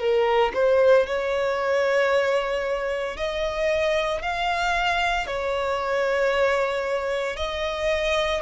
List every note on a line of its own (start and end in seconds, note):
0.00 0.53 A#4
0.55 1.07 C5
1.07 3.17 C#5
3.17 4.22 D#5
4.22 5.27 F5
5.27 7.37 C#5
7.37 8.43 D#5